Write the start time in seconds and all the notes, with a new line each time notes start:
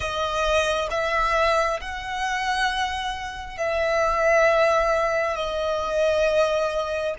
0.00 D#5
0.90 E5
1.81 F#5
3.57 E5
5.35 D#5